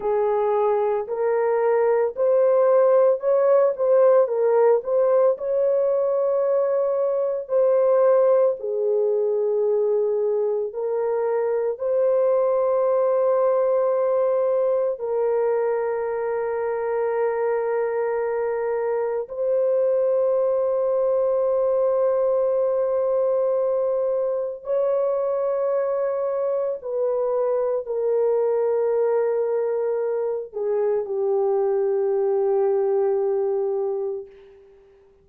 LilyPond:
\new Staff \with { instrumentName = "horn" } { \time 4/4 \tempo 4 = 56 gis'4 ais'4 c''4 cis''8 c''8 | ais'8 c''8 cis''2 c''4 | gis'2 ais'4 c''4~ | c''2 ais'2~ |
ais'2 c''2~ | c''2. cis''4~ | cis''4 b'4 ais'2~ | ais'8 gis'8 g'2. | }